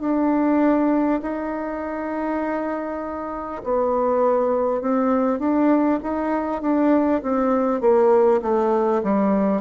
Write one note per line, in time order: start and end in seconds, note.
0.00 1.20 D4
1.22 3.62 D#4
3.63 4.81 B3
4.81 5.39 C4
5.39 5.99 D4
6.02 6.62 D#4
6.62 7.22 D4
7.22 7.81 C4
7.81 8.41 A#3
8.42 9.02 A3
9.03 9.61 G3